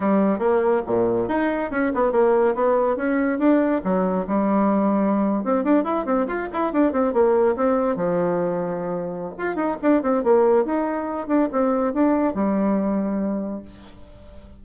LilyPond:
\new Staff \with { instrumentName = "bassoon" } { \time 4/4 \tempo 4 = 141 g4 ais4 ais,4 dis'4 | cis'8 b8 ais4 b4 cis'4 | d'4 fis4 g2~ | g8. c'8 d'8 e'8 c'8 f'8 e'8 d'16~ |
d'16 c'8 ais4 c'4 f4~ f16~ | f2 f'8 dis'8 d'8 c'8 | ais4 dis'4. d'8 c'4 | d'4 g2. | }